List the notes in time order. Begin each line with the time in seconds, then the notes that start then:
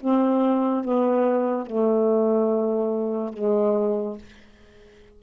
0.00 C4
0.84 B3
1.66 A3
3.33 G#3